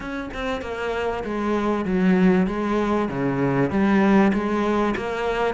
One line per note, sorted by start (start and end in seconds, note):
0.00 0.30 C#4
0.33 0.61 C4
0.61 1.23 A#3
1.23 1.85 G#3
1.85 2.47 F#3
2.47 3.08 G#3
3.08 3.70 C#3
3.70 4.32 G3
4.33 4.95 G#3
4.96 5.54 A#3